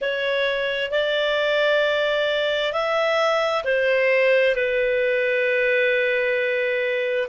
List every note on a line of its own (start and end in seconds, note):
0.01 0.91 C#5
0.91 2.72 D5
2.72 3.63 E5
3.64 4.55 C5
4.55 7.27 B4